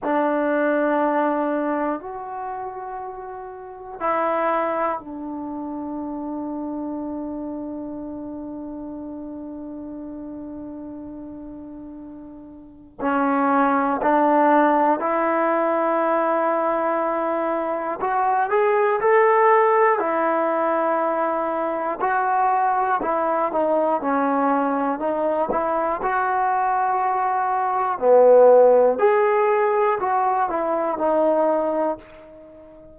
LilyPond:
\new Staff \with { instrumentName = "trombone" } { \time 4/4 \tempo 4 = 60 d'2 fis'2 | e'4 d'2.~ | d'1~ | d'4 cis'4 d'4 e'4~ |
e'2 fis'8 gis'8 a'4 | e'2 fis'4 e'8 dis'8 | cis'4 dis'8 e'8 fis'2 | b4 gis'4 fis'8 e'8 dis'4 | }